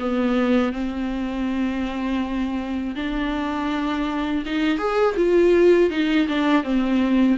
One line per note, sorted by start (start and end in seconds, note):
0.00 0.73 B3
0.73 2.95 C4
2.96 4.44 D4
4.46 4.79 D#4
4.79 5.16 G#4
5.17 5.91 F4
5.91 6.28 D#4
6.29 6.64 D4
6.64 7.38 C4